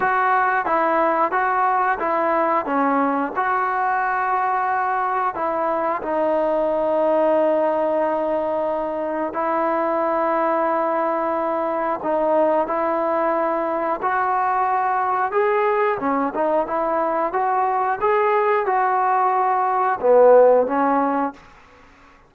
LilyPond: \new Staff \with { instrumentName = "trombone" } { \time 4/4 \tempo 4 = 90 fis'4 e'4 fis'4 e'4 | cis'4 fis'2. | e'4 dis'2.~ | dis'2 e'2~ |
e'2 dis'4 e'4~ | e'4 fis'2 gis'4 | cis'8 dis'8 e'4 fis'4 gis'4 | fis'2 b4 cis'4 | }